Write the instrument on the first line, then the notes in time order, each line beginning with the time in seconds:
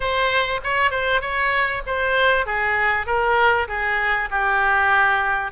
oboe
0.00 C5
0.63 C#5
0.90 C5
1.21 C#5
1.86 C5
2.46 G#4
3.06 A#4
3.68 G#4
4.30 G4